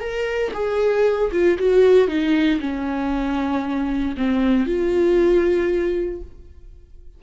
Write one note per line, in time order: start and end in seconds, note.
0.00 0.52 A#4
0.53 1.31 G#4
1.32 1.58 F4
1.58 2.08 F#4
2.08 2.59 D#4
2.60 4.15 C#4
4.17 4.66 C4
4.66 6.21 F4